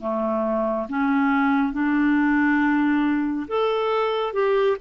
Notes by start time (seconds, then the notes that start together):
0.00 A3
0.89 C#4
1.73 D4
3.48 A4
4.33 G4